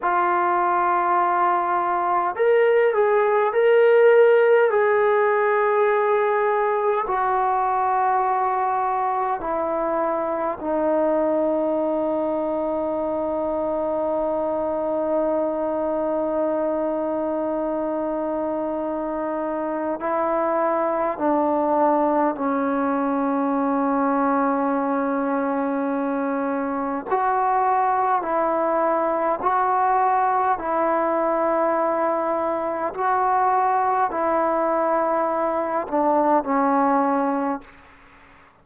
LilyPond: \new Staff \with { instrumentName = "trombone" } { \time 4/4 \tempo 4 = 51 f'2 ais'8 gis'8 ais'4 | gis'2 fis'2 | e'4 dis'2.~ | dis'1~ |
dis'4 e'4 d'4 cis'4~ | cis'2. fis'4 | e'4 fis'4 e'2 | fis'4 e'4. d'8 cis'4 | }